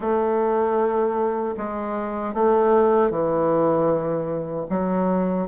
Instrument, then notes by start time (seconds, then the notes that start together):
bassoon
0.00 A3
1.57 G#3
2.34 A3
3.10 E3
4.69 F#3